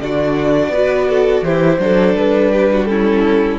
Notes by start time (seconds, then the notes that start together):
0.00 D3 D4 F#4 D5
0.68 B3 F#4 B4
1.09 A4
1.42 E3 E4 G4 C5
1.79 F#3 D4 A4
2.14 G3 B4
2.52 G4
2.71 F#4
2.85 C#4 E4 A4